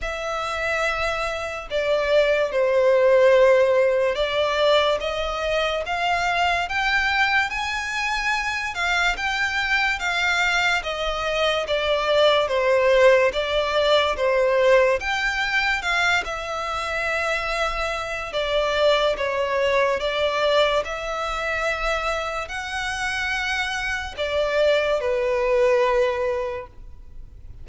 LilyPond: \new Staff \with { instrumentName = "violin" } { \time 4/4 \tempo 4 = 72 e''2 d''4 c''4~ | c''4 d''4 dis''4 f''4 | g''4 gis''4. f''8 g''4 | f''4 dis''4 d''4 c''4 |
d''4 c''4 g''4 f''8 e''8~ | e''2 d''4 cis''4 | d''4 e''2 fis''4~ | fis''4 d''4 b'2 | }